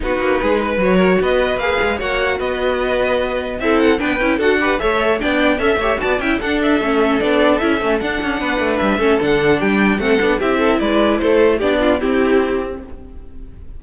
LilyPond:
<<
  \new Staff \with { instrumentName = "violin" } { \time 4/4 \tempo 4 = 150 b'2 cis''4 dis''4 | f''4 fis''4 dis''2~ | dis''4 e''8 fis''8 g''4 fis''4 | e''4 g''4 e''4 a''8 g''8 |
fis''8 e''4. d''4 e''4 | fis''2 e''4 fis''4 | g''4 fis''4 e''4 d''4 | c''4 d''4 g'2 | }
  \new Staff \with { instrumentName = "violin" } { \time 4/4 fis'4 gis'8 b'4 ais'8 b'4~ | b'4 cis''4 b'2~ | b'4 a'4 b'4 a'8 b'8 | cis''4 d''4 e''8 cis''8 d''8 e''8 |
a'1~ | a'4 b'4. a'4. | g'4 a'4 g'8 a'8 b'4 | a'4 g'8 f'8 e'2 | }
  \new Staff \with { instrumentName = "viola" } { \time 4/4 dis'2 fis'2 | gis'4 fis'2.~ | fis'4 e'4 d'8 e'8 fis'8 g'8 | a'4 d'4 a'8 g'8 fis'8 e'8 |
d'4 cis'4 d'4 e'8 cis'8 | d'2~ d'8 cis'8 d'4~ | d'4 c'8 d'8 e'2~ | e'4 d'4 c'2 | }
  \new Staff \with { instrumentName = "cello" } { \time 4/4 b8 ais8 gis4 fis4 b4 | ais8 gis8 ais4 b2~ | b4 c'4 b8 cis'8 d'4 | a4 b4 cis'8 a8 b8 cis'8 |
d'4 a4 b4 cis'8 a8 | d'8 cis'8 b8 a8 g8 a8 d4 | g4 a8 b8 c'4 gis4 | a4 b4 c'2 | }
>>